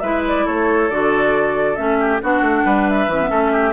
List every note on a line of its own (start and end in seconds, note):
0.00 0.46 G#3
0.00 0.91 E4
0.00 0.45 B4
0.00 0.22 E5
0.27 0.47 D5
0.45 0.90 A3
0.45 1.99 A4
0.45 0.89 C#5
0.89 1.77 D3
0.89 1.76 F#4
0.89 1.76 D5
1.76 2.21 A3
1.76 2.20 C#4
1.76 2.19 E5
2.00 2.22 G4
2.22 2.41 B3
2.22 3.11 D4
2.22 2.65 F#4
2.22 2.89 F#5
2.41 2.63 A3
2.65 3.07 G3
2.65 3.30 B4
2.89 3.73 E5
3.07 3.29 E3
3.07 3.23 C#4
3.23 3.29 B3
3.29 3.73 A3
3.29 3.73 C#4
3.29 3.52 A4
3.52 3.73 G4